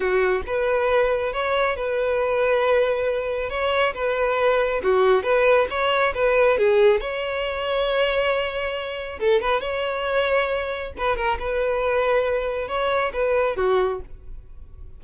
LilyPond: \new Staff \with { instrumentName = "violin" } { \time 4/4 \tempo 4 = 137 fis'4 b'2 cis''4 | b'1 | cis''4 b'2 fis'4 | b'4 cis''4 b'4 gis'4 |
cis''1~ | cis''4 a'8 b'8 cis''2~ | cis''4 b'8 ais'8 b'2~ | b'4 cis''4 b'4 fis'4 | }